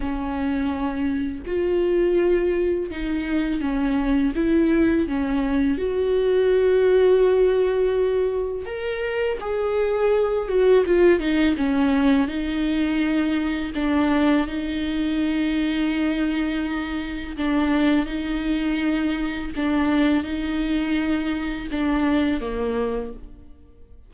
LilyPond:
\new Staff \with { instrumentName = "viola" } { \time 4/4 \tempo 4 = 83 cis'2 f'2 | dis'4 cis'4 e'4 cis'4 | fis'1 | ais'4 gis'4. fis'8 f'8 dis'8 |
cis'4 dis'2 d'4 | dis'1 | d'4 dis'2 d'4 | dis'2 d'4 ais4 | }